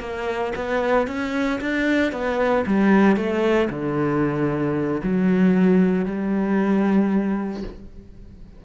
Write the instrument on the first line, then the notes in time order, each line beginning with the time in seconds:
cello
0.00 A#3
0.56 B3
1.07 C#4
1.61 D4
2.12 B3
2.67 G3
3.16 A3
3.69 D3
5.03 F#3
6.05 G3